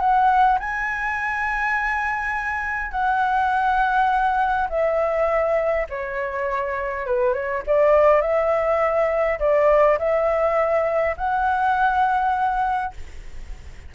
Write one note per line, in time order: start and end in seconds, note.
0.00 0.59 F#5
0.60 2.92 G#5
2.92 4.68 F#5
4.70 5.87 E5
5.90 7.06 C#5
7.06 7.34 B4
7.34 7.63 C#5
7.67 8.22 D5
8.22 9.39 E5
9.40 9.99 D5
9.99 11.17 E5
11.17 12.94 F#5